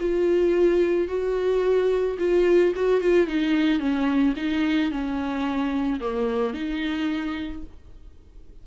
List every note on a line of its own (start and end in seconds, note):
0.00 1.08 F4
1.08 2.17 F#4
2.18 2.73 F4
2.75 3.01 F#4
3.01 3.27 F4
3.27 3.79 D#4
3.79 4.34 C#4
4.36 4.91 D#4
4.91 6.00 C#4
6.00 6.53 A#3
6.53 7.62 D#4